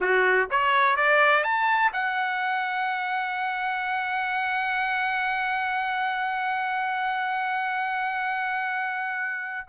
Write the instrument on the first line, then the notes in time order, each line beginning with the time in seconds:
trumpet
0.00 F#4
0.50 C#5
0.96 D5
1.43 A5
1.92 F#5